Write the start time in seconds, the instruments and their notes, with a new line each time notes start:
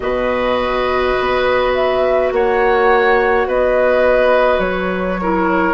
0.00 bassoon B2, clarinet F#4, oboe B4, flute D#5
1.19 bassoon B3
1.74 flute E5
2.31 bassoon A#3, oboe C#5, flute F#5
3.46 bassoon B3, oboe B4, flute D#5
4.58 bassoon F#3, flute C#5
5.21 clarinet E4, oboe A#4